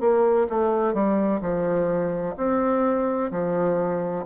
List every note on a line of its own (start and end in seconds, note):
0.00 0.47 A#3
0.49 0.94 A3
0.94 1.41 G3
1.41 2.35 F3
2.37 3.30 C4
3.31 4.25 F3